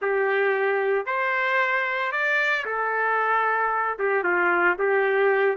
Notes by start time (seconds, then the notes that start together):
0.01 G4
1.05 C5
2.12 D5
2.65 A4
3.98 G4
4.23 F4
4.79 G4